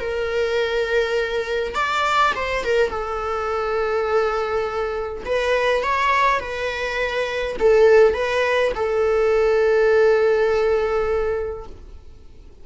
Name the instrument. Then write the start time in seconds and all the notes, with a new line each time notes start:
viola
0.00 A#4
1.74 D5
2.36 C5
2.65 A#4
2.90 A4
5.26 B4
5.83 C#5
6.40 B4
7.59 A4
8.14 B4
8.75 A4